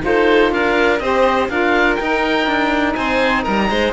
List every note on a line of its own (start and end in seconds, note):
0.00 0.52 D#4
0.00 0.98 F4
0.00 0.54 A4
0.00 0.53 C5
0.52 1.00 D4
0.52 1.02 A#4
0.52 0.99 F5
0.99 1.49 C4
0.99 1.49 G4
0.99 1.50 C5
0.99 1.48 D#5
1.49 1.99 D4
1.49 1.98 F4
1.49 2.97 A#4
1.49 1.96 F5
1.96 3.93 D#4
1.96 2.46 D#4
1.96 2.93 G5
2.46 2.95 D4
2.95 3.46 C4
2.95 3.43 C5
2.95 3.44 G#5
3.43 3.70 G3
3.43 3.68 A#4
3.43 3.93 A#5
3.70 3.93 G#3
3.70 3.93 C5